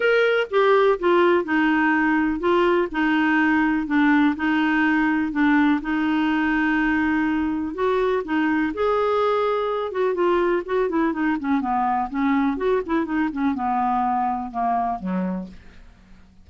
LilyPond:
\new Staff \with { instrumentName = "clarinet" } { \time 4/4 \tempo 4 = 124 ais'4 g'4 f'4 dis'4~ | dis'4 f'4 dis'2 | d'4 dis'2 d'4 | dis'1 |
fis'4 dis'4 gis'2~ | gis'8 fis'8 f'4 fis'8 e'8 dis'8 cis'8 | b4 cis'4 fis'8 e'8 dis'8 cis'8 | b2 ais4 fis4 | }